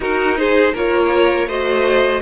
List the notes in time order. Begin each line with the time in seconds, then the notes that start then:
0.00 D#4 F#4 A#4
0.37 G#4 C5
0.73 A#3 F4 A#4 C#5
1.46 A3 F#4 C5 D#5